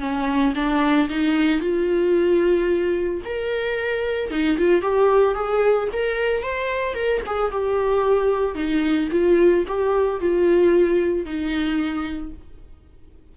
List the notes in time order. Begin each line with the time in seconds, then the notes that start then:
0.00 C#4
0.55 D4
1.09 D#4
1.60 F4
3.24 A#4
4.31 D#4
4.58 F4
4.82 G4
5.34 G#4
5.92 A#4
6.43 C5
6.94 A#4
7.26 G#4
7.51 G4
8.55 D#4
9.11 F4
9.67 G4
10.20 F4
11.25 D#4